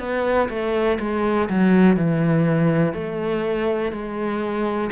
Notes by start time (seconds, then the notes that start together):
0.00 B3
0.50 A3
1.00 G#3
1.50 F#3
1.97 E3
2.94 A3
3.93 G#3